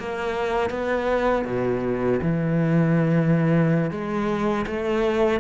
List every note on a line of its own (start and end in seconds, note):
0.00 0.71 A#3
0.71 1.46 B3
1.46 2.21 B2
2.23 3.91 E3
3.91 4.66 G#3
4.67 5.41 A3